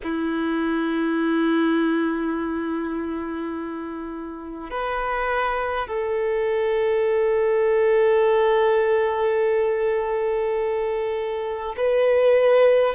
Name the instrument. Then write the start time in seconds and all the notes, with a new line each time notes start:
violin
0.03 E4
4.70 B4
5.87 A4
11.76 B4